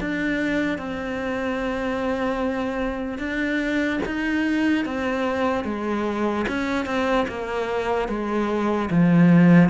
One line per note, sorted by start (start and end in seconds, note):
0.00 0.78 D4
0.78 3.18 C4
3.18 3.99 D4
4.05 4.85 D#4
4.85 5.64 C4
5.64 6.45 G#3
6.48 6.85 C#4
6.85 7.26 C4
7.28 8.08 A#3
8.08 8.89 G#3
8.90 9.69 F3